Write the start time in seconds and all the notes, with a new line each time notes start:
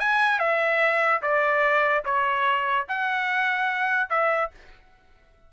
0.00 G#5
0.40 E5
1.22 D5
2.05 C#5
2.89 F#5
4.10 E5